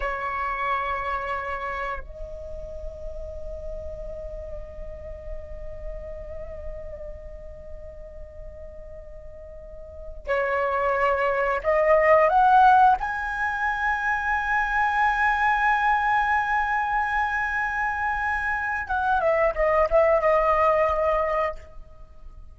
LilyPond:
\new Staff \with { instrumentName = "flute" } { \time 4/4 \tempo 4 = 89 cis''2. dis''4~ | dis''1~ | dis''1~ | dis''2.~ dis''16 cis''8.~ |
cis''4~ cis''16 dis''4 fis''4 gis''8.~ | gis''1~ | gis''1 | fis''8 e''8 dis''8 e''8 dis''2 | }